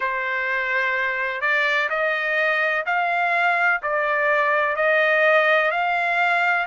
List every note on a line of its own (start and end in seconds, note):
0.00 1.41 C5
1.41 1.88 D5
1.89 2.84 D#5
2.86 3.81 F5
3.82 4.76 D5
4.76 5.71 D#5
5.71 6.66 F5